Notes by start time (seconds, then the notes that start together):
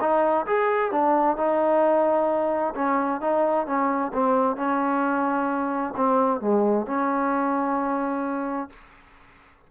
0.00 D#4
0.46 G#4
0.91 D4
1.37 D#4
2.75 C#4
3.21 D#4
3.66 C#4
4.13 C4
4.56 C#4
5.96 C4
6.41 G#3
6.86 C#4